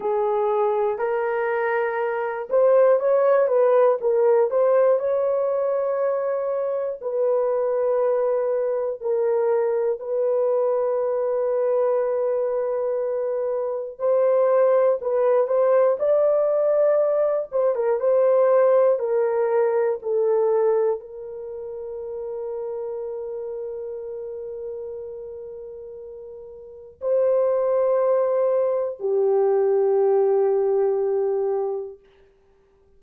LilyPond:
\new Staff \with { instrumentName = "horn" } { \time 4/4 \tempo 4 = 60 gis'4 ais'4. c''8 cis''8 b'8 | ais'8 c''8 cis''2 b'4~ | b'4 ais'4 b'2~ | b'2 c''4 b'8 c''8 |
d''4. c''16 ais'16 c''4 ais'4 | a'4 ais'2.~ | ais'2. c''4~ | c''4 g'2. | }